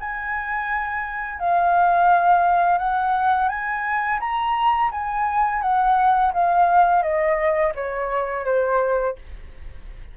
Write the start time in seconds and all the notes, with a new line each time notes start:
0.00 G#5
1.39 F5
2.78 F#5
3.48 G#5
4.20 A#5
4.91 G#5
5.61 F#5
6.33 F5
7.02 D#5
7.75 C#5
8.45 C5